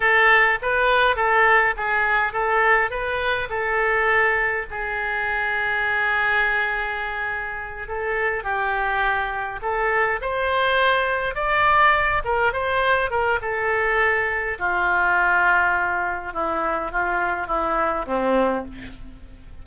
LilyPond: \new Staff \with { instrumentName = "oboe" } { \time 4/4 \tempo 4 = 103 a'4 b'4 a'4 gis'4 | a'4 b'4 a'2 | gis'1~ | gis'4. a'4 g'4.~ |
g'8 a'4 c''2 d''8~ | d''4 ais'8 c''4 ais'8 a'4~ | a'4 f'2. | e'4 f'4 e'4 c'4 | }